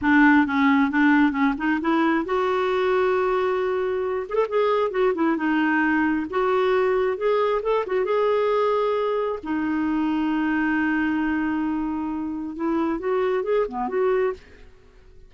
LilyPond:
\new Staff \with { instrumentName = "clarinet" } { \time 4/4 \tempo 4 = 134 d'4 cis'4 d'4 cis'8 dis'8 | e'4 fis'2.~ | fis'4. gis'16 a'16 gis'4 fis'8 e'8 | dis'2 fis'2 |
gis'4 a'8 fis'8 gis'2~ | gis'4 dis'2.~ | dis'1 | e'4 fis'4 gis'8 b8 fis'4 | }